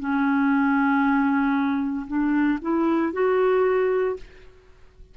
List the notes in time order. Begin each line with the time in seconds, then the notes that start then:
0.00 C#4
2.08 D4
2.62 E4
3.13 F#4